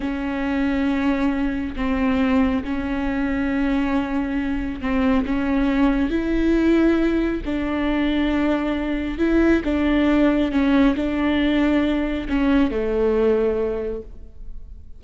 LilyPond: \new Staff \with { instrumentName = "viola" } { \time 4/4 \tempo 4 = 137 cis'1 | c'2 cis'2~ | cis'2. c'4 | cis'2 e'2~ |
e'4 d'2.~ | d'4 e'4 d'2 | cis'4 d'2. | cis'4 a2. | }